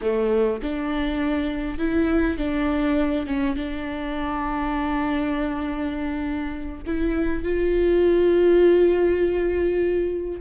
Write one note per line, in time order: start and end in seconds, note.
0.01 0.61 A3
0.62 1.78 D4
1.78 2.37 E4
2.37 3.26 D4
3.26 3.55 C#4
3.55 6.82 D4
6.86 7.43 E4
7.43 10.40 F4